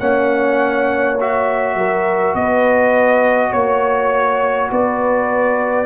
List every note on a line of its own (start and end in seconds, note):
0.00 1.75 A#3
0.00 1.18 C#4
0.00 1.76 C#5
0.00 1.18 F#5
1.20 5.87 F#4
1.20 2.35 E5
1.75 2.34 F#3
1.75 2.37 A#4
2.35 3.52 B3
2.35 3.51 B4
2.35 3.53 D#5
3.51 4.70 A#3
3.51 4.69 C#5
3.51 4.71 C#5
4.72 5.87 B3
4.72 5.87 B4
4.72 5.87 D5